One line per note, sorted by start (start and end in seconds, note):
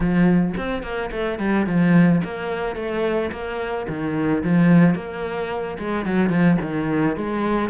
0.00 0.54 F3
0.57 0.83 C4
0.83 1.10 A#3
1.11 1.38 A3
1.38 1.66 G3
1.66 2.21 F3
2.24 2.75 A#3
2.75 3.30 A3
3.31 3.86 A#3
3.88 4.43 D#3
4.43 4.94 F3
4.94 5.77 A#3
5.78 6.05 G#3
6.05 6.29 F#3
6.29 6.57 F3
6.61 7.16 D#3
7.16 7.69 G#3